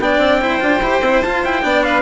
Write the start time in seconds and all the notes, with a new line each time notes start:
0.00 B3 D4 D5 G5
0.18 C4
0.42 E4 C5
0.61 D4 F4
0.81 E4 G4
1.01 C4 E4
1.22 F4 A5
1.45 E4 G5
1.63 B3 D4 D5
1.84 B4 F5